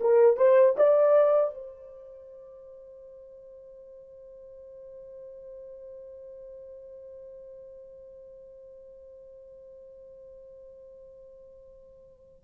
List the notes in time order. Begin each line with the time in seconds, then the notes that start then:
0.00 A#4
0.36 C5
0.77 D5
1.54 C5